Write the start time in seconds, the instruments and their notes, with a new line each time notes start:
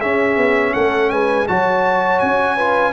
0.00 trombone C#4, tuba C#4, horn G#4, trumpet E5
0.37 tuba B3
0.74 tuba A3, horn A4, trumpet F#5
1.10 tuba G#3, horn B4, trumpet G#5
1.48 tuba F#3, trombone F#4, horn C#5, trumpet A5
2.20 tuba C#4, trumpet G#5
2.57 trombone F4, horn B4